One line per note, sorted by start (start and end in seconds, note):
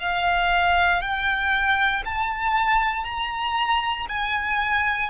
0.00 1.02 F5
1.02 2.03 G5
2.05 3.05 A5
3.05 4.06 A#5
4.09 5.10 G#5